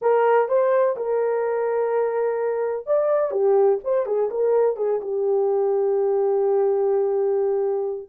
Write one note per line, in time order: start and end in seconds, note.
0.01 0.48 A#4
0.48 0.96 C5
0.96 2.86 A#4
2.86 3.31 D5
3.31 3.78 G4
3.84 4.06 C5
4.06 4.29 G#4
4.30 4.76 A#4
4.76 5.00 G#4
5.01 8.08 G4